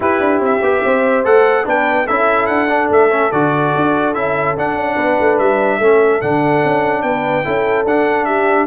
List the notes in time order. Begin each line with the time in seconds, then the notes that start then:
0.00 E4 G4 B4
0.19 D4
0.39 C4 E5
0.61 B3 G4
0.84 C4 C5
1.24 A3 A4 F#5
1.64 B3 D4 B4 G5
2.06 C#4 E4 A4 E5
2.46 D4 F#5
2.68 D4
2.90 A3 E5
3.10 C#4
3.31 D3 F#4 D5
3.75 D4
4.14 C#4 E4 E5
4.56 D4 F#5
4.74 C#4
4.94 B3 B4
5.20 A3
5.38 G3 E5
5.78 A3 C#4 A4
6.21 D3 D4 F#5
6.64 C#4
7.02 B3 B4 G5
7.44 C#4 E4 A4
7.85 D4 F#5
8.24 G4 E5